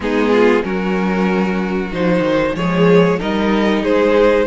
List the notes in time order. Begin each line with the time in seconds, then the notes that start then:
0.00 G#3 B3 D#4 G#4
0.31 F4
0.63 F#3 C#4 F#4 A#4
1.92 F3 D#4 C5
2.19 D#3
2.55 F3 G#3 G#4 C#5
3.19 G3 D#4 A#4 D#5
3.82 G#3 G#4 C5